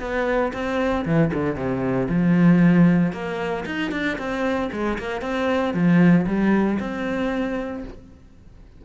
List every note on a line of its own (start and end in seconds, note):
0.00 0.52 B3
0.53 1.05 C4
1.06 1.32 E3
1.34 1.56 D3
1.56 2.08 C3
2.09 3.13 F3
3.13 3.65 A#3
3.66 3.92 D#4
3.92 4.18 D4
4.18 4.71 C4
4.72 4.98 G#3
4.99 5.22 A#3
5.22 5.74 C4
5.74 6.26 F3
6.27 6.79 G3
6.80 7.84 C4